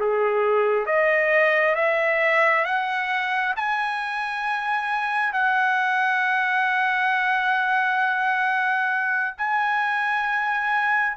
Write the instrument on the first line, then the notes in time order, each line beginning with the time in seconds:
trumpet
0.00 G#4
0.86 D#5
1.75 E5
2.65 F#5
3.57 G#5
5.33 F#5
9.38 G#5